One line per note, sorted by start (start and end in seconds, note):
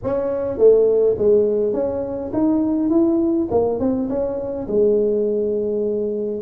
0.03 0.57 C#4
0.57 1.16 A3
1.18 1.73 G#3
1.73 2.31 C#4
2.33 2.89 D#4
2.89 3.48 E4
3.51 3.79 A#3
3.79 4.08 C4
4.09 4.67 C#4
4.67 6.41 G#3